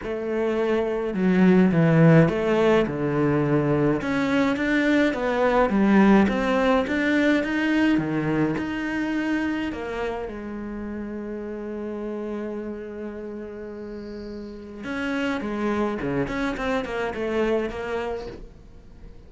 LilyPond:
\new Staff \with { instrumentName = "cello" } { \time 4/4 \tempo 4 = 105 a2 fis4 e4 | a4 d2 cis'4 | d'4 b4 g4 c'4 | d'4 dis'4 dis4 dis'4~ |
dis'4 ais4 gis2~ | gis1~ | gis2 cis'4 gis4 | cis8 cis'8 c'8 ais8 a4 ais4 | }